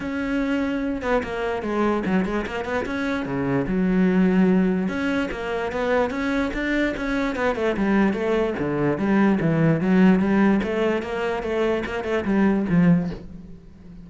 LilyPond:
\new Staff \with { instrumentName = "cello" } { \time 4/4 \tempo 4 = 147 cis'2~ cis'8 b8 ais4 | gis4 fis8 gis8 ais8 b8 cis'4 | cis4 fis2. | cis'4 ais4 b4 cis'4 |
d'4 cis'4 b8 a8 g4 | a4 d4 g4 e4 | fis4 g4 a4 ais4 | a4 ais8 a8 g4 f4 | }